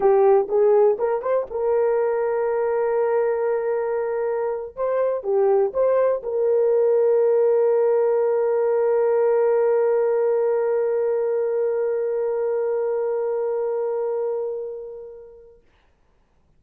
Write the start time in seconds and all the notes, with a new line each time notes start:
0.00 G4
0.48 G#4
0.98 A#4
1.22 C5
1.50 A#4
4.76 C5
5.23 G4
5.73 C5
6.22 A#4